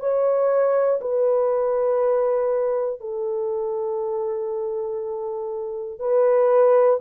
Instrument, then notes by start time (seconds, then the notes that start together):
horn
0.00 C#5
1.02 B4
3.00 A4
6.00 B4